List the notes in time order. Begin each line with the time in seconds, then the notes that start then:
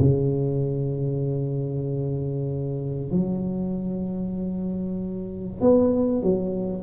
0.00 C#3
3.11 F#3
5.61 B3
6.23 F#3